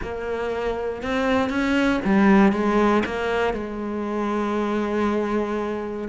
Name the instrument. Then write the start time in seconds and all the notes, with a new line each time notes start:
cello
0.02 A#3
1.02 C4
1.49 C#4
2.04 G3
2.52 G#3
3.05 A#3
3.53 G#3